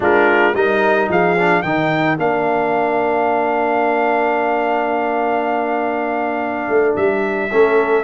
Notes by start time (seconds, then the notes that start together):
0.00 G#3 D4 F4 A#4
0.54 G3 D#4 A#4 D#5
1.08 F3 G#4 F5
1.37 D4
1.62 D#3 D#4 A#4 G5
2.17 A#3 D4 F5
6.68 A3
6.96 G3 E5
7.51 A3 C#4 A4